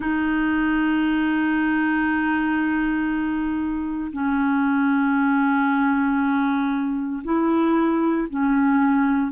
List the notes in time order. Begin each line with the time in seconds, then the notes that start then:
0.00 D#4
4.12 C#4
7.24 E4
8.29 C#4